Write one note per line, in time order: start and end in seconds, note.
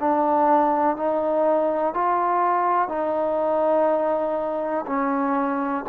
0.00 0.97 D4
0.97 1.94 D#4
1.94 2.89 F4
2.89 4.86 D#4
4.87 5.85 C#4